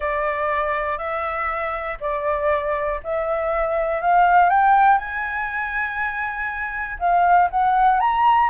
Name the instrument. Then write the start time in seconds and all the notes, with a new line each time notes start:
flute
0.00 D5
0.97 E5
2.00 D5
3.03 E5
4.01 F5
4.49 G5
4.98 G#5
6.99 F5
7.50 F#5
8.00 A#5